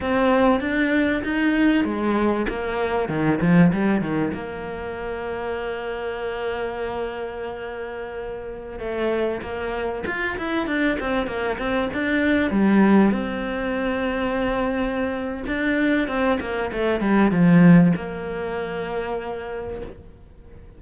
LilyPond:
\new Staff \with { instrumentName = "cello" } { \time 4/4 \tempo 4 = 97 c'4 d'4 dis'4 gis4 | ais4 dis8 f8 g8 dis8 ais4~ | ais1~ | ais2~ ais16 a4 ais8.~ |
ais16 f'8 e'8 d'8 c'8 ais8 c'8 d'8.~ | d'16 g4 c'2~ c'8.~ | c'4 d'4 c'8 ais8 a8 g8 | f4 ais2. | }